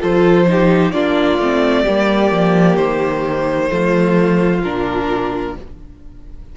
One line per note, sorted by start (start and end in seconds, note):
0.00 0.92 F3
0.00 0.46 F4
0.00 0.46 A4
0.00 0.91 C5
0.47 0.93 D#4
0.47 0.93 G4
0.91 1.38 A#3
0.91 1.39 D4
0.91 1.83 F4
0.91 2.76 D5
1.38 1.84 A3
1.38 1.87 C4
1.83 2.31 G3
1.83 3.69 A#3
1.83 3.67 G4
2.31 2.77 F3
2.76 3.69 D#3
2.76 4.60 C5
3.69 4.63 F3
3.69 4.61 A3
3.69 5.55 F4
4.63 5.56 A#2
4.63 5.56 D4
4.63 5.55 A#4